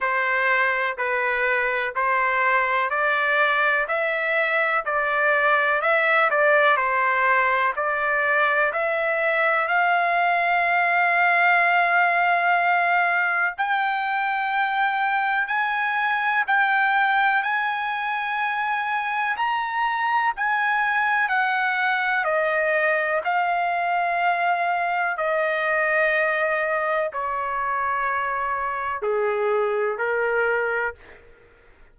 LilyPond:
\new Staff \with { instrumentName = "trumpet" } { \time 4/4 \tempo 4 = 62 c''4 b'4 c''4 d''4 | e''4 d''4 e''8 d''8 c''4 | d''4 e''4 f''2~ | f''2 g''2 |
gis''4 g''4 gis''2 | ais''4 gis''4 fis''4 dis''4 | f''2 dis''2 | cis''2 gis'4 ais'4 | }